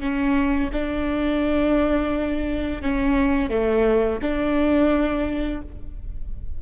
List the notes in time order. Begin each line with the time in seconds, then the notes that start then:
0.00 C#4
0.72 D4
2.82 C#4
3.50 A3
4.21 D4